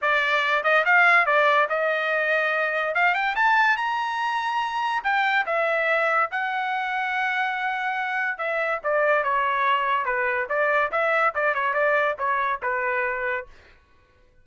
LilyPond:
\new Staff \with { instrumentName = "trumpet" } { \time 4/4 \tempo 4 = 143 d''4. dis''8 f''4 d''4 | dis''2. f''8 g''8 | a''4 ais''2. | g''4 e''2 fis''4~ |
fis''1 | e''4 d''4 cis''2 | b'4 d''4 e''4 d''8 cis''8 | d''4 cis''4 b'2 | }